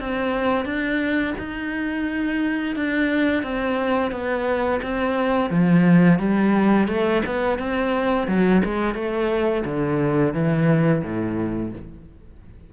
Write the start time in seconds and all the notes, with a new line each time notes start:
0.00 C4
0.65 D4
1.39 D#4
2.76 D4
3.43 C4
4.11 B3
4.82 C4
5.50 F3
6.19 G3
6.88 A3
7.26 B3
7.59 C4
8.28 F#3
8.65 G#3
8.95 A3
9.65 D3
10.34 E3
11.03 A2